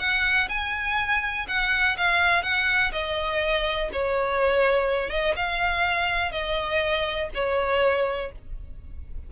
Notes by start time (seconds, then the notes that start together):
0.00 F#5
0.49 G#5
1.48 F#5
1.97 F5
2.43 F#5
2.92 D#5
3.92 C#5
5.10 D#5
5.36 F5
6.32 D#5
7.34 C#5